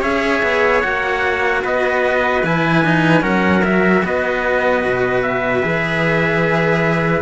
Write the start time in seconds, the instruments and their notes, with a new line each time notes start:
0.00 cello C#4 G#4, trumpet C#5 E5
0.42 cello B3
0.81 cello A#3 F#4, trumpet F#5
1.63 cello B3, trumpet B4 D#5
2.43 cello E3 E4, trumpet G#5
2.85 cello D#4
3.21 cello F#3 C#4, trumpet A#4 F#5
3.64 cello F#4, trumpet E5
4.04 cello B3, trumpet B4 D#5
4.85 cello B2
5.22 trumpet E5
5.62 cello E3 G#4